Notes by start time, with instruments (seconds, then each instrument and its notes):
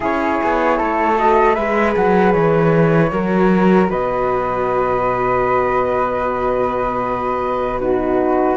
0.00 cello C#4, horn E4, flute G#4 C#5
0.43 cello B3
0.78 cello A3, flute A4
1.17 horn F#4, flute D#5
1.54 cello G#3, horn G#4, flute B4 E5
1.96 cello F#3, flute F#5
2.32 cello E3, flute C#5
3.10 cello F#3, horn F#4, flute A#4
3.90 cello B2, flute B4 D#5
7.79 horn D#4, flute F#4 B4